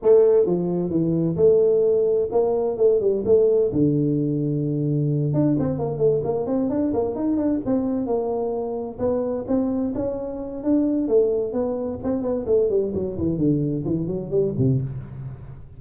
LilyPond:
\new Staff \with { instrumentName = "tuba" } { \time 4/4 \tempo 4 = 130 a4 f4 e4 a4~ | a4 ais4 a8 g8 a4 | d2.~ d8 d'8 | c'8 ais8 a8 ais8 c'8 d'8 ais8 dis'8 |
d'8 c'4 ais2 b8~ | b8 c'4 cis'4. d'4 | a4 b4 c'8 b8 a8 g8 | fis8 e8 d4 e8 fis8 g8 c8 | }